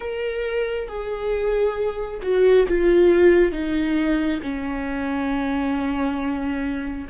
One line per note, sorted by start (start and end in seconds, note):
0.00 0.87 A#4
0.87 2.20 G#4
2.22 2.66 F#4
2.68 3.52 F4
3.52 4.40 D#4
4.42 7.07 C#4